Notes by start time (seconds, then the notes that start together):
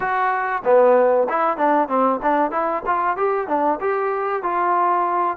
0.00 F#4
0.64 B3
1.29 E4
1.57 D4
1.88 C4
2.22 D4
2.51 E4
2.86 F4
3.17 G4
3.47 D4
3.80 G4
4.42 F4